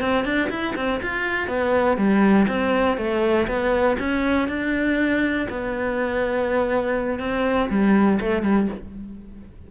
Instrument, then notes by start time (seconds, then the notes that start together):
cello
0.00 C4
0.24 D4
0.50 E4
0.76 C4
1.02 F4
1.47 B3
1.97 G3
2.48 C4
2.97 A3
3.47 B3
3.98 C#4
4.48 D4
5.49 B3
7.19 C4
7.69 G3
8.20 A3
8.42 G3